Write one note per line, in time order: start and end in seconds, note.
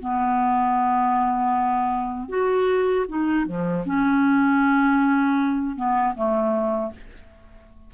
0.00 2.29 B3
2.29 3.06 F#4
3.09 3.46 D#4
3.46 3.85 F3
3.86 5.77 C#4
5.77 6.15 B3
6.15 6.92 A3